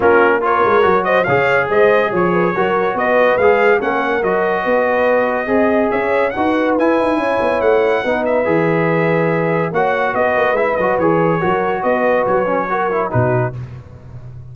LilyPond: <<
  \new Staff \with { instrumentName = "trumpet" } { \time 4/4 \tempo 4 = 142 ais'4 cis''4. dis''8 f''4 | dis''4 cis''2 dis''4 | f''4 fis''4 dis''2~ | dis''2 e''4 fis''4 |
gis''2 fis''4. e''8~ | e''2. fis''4 | dis''4 e''8 dis''8 cis''2 | dis''4 cis''2 b'4 | }
  \new Staff \with { instrumentName = "horn" } { \time 4/4 f'4 ais'4. c''8 cis''4 | c''4 cis''8 b'8 ais'4 b'4~ | b'4 ais'2 b'4~ | b'4 dis''4 cis''4 b'4~ |
b'4 cis''2 b'4~ | b'2. cis''4 | b'2. ais'4 | b'2 ais'4 fis'4 | }
  \new Staff \with { instrumentName = "trombone" } { \time 4/4 cis'4 f'4 fis'4 gis'4~ | gis'2 fis'2 | gis'4 cis'4 fis'2~ | fis'4 gis'2 fis'4 |
e'2. dis'4 | gis'2. fis'4~ | fis'4 e'8 fis'8 gis'4 fis'4~ | fis'4. cis'8 fis'8 e'8 dis'4 | }
  \new Staff \with { instrumentName = "tuba" } { \time 4/4 ais4. gis8 fis4 cis4 | gis4 f4 fis4 b4 | gis4 ais4 fis4 b4~ | b4 c'4 cis'4 dis'4 |
e'8 dis'8 cis'8 b8 a4 b4 | e2. ais4 | b8 ais8 gis8 fis8 e4 fis4 | b4 fis2 b,4 | }
>>